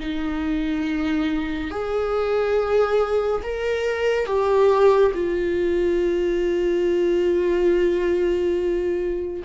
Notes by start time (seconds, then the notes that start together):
0.00 D#4
1.71 G#4
3.43 A#4
4.26 G4
5.14 F4